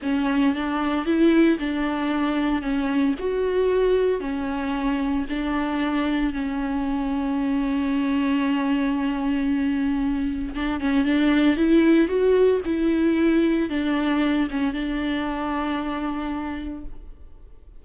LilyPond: \new Staff \with { instrumentName = "viola" } { \time 4/4 \tempo 4 = 114 cis'4 d'4 e'4 d'4~ | d'4 cis'4 fis'2 | cis'2 d'2 | cis'1~ |
cis'1 | d'8 cis'8 d'4 e'4 fis'4 | e'2 d'4. cis'8 | d'1 | }